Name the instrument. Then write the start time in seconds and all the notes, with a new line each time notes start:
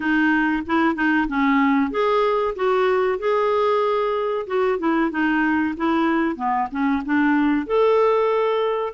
clarinet
0.00 D#4
0.66 E4
0.95 D#4
1.28 C#4
1.90 G#4
2.55 F#4
3.19 G#4
4.47 F#4
4.78 E4
5.10 D#4
5.76 E4
6.36 B3
6.71 C#4
7.05 D4
7.66 A4